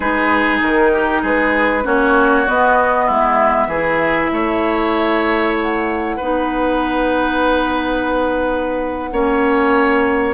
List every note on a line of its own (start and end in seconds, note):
0.00 0.61 G#3
0.00 1.83 D#4
0.00 0.92 G#4
0.00 0.59 B4
0.61 1.22 D#3
0.61 1.24 A#4
0.92 1.22 G4
1.22 1.84 G#3
1.22 1.83 G#4
1.22 1.86 B4
1.83 2.47 A#3
1.83 2.45 C#4
1.83 3.05 F#4
1.83 2.48 C#5
2.46 3.70 B3
2.46 3.09 B3
2.46 3.10 D#5
3.05 3.66 G#3
3.05 3.67 E4
3.12 5.56 E5
3.66 4.28 E3
3.66 6.19 E4
3.66 4.30 G#4
4.31 6.17 A3
4.31 6.16 C#5
5.56 10.34 F#5
6.16 9.12 B3
6.16 9.11 D#4
6.16 9.10 B4
9.11 10.34 A#3
9.11 10.34 C#4
9.11 10.34 C#5